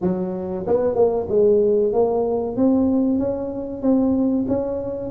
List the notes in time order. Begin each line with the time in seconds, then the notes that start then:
0.01 F#3
0.66 B3
0.95 A#3
1.29 G#3
1.93 A#3
2.56 C4
3.19 C#4
3.82 C4
4.48 C#4